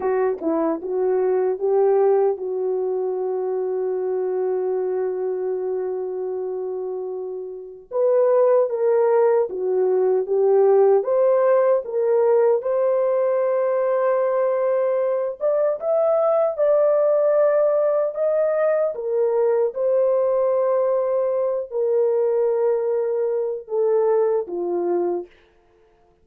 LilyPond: \new Staff \with { instrumentName = "horn" } { \time 4/4 \tempo 4 = 76 fis'8 e'8 fis'4 g'4 fis'4~ | fis'1~ | fis'2 b'4 ais'4 | fis'4 g'4 c''4 ais'4 |
c''2.~ c''8 d''8 | e''4 d''2 dis''4 | ais'4 c''2~ c''8 ais'8~ | ais'2 a'4 f'4 | }